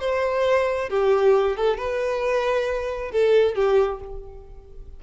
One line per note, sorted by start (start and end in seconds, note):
0.00 0.90 C5
0.90 1.57 G4
1.57 1.77 A4
1.77 3.12 B4
3.12 3.55 A4
3.55 4.00 G4